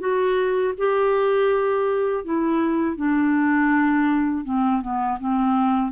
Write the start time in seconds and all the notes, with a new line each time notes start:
0.00 F#4
0.78 G4
2.25 E4
2.97 D4
4.45 C4
4.82 B3
5.20 C4